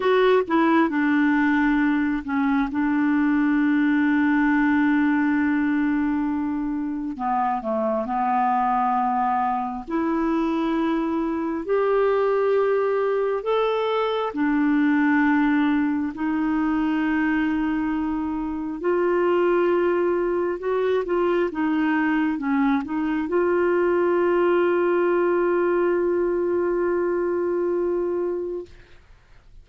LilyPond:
\new Staff \with { instrumentName = "clarinet" } { \time 4/4 \tempo 4 = 67 fis'8 e'8 d'4. cis'8 d'4~ | d'1 | b8 a8 b2 e'4~ | e'4 g'2 a'4 |
d'2 dis'2~ | dis'4 f'2 fis'8 f'8 | dis'4 cis'8 dis'8 f'2~ | f'1 | }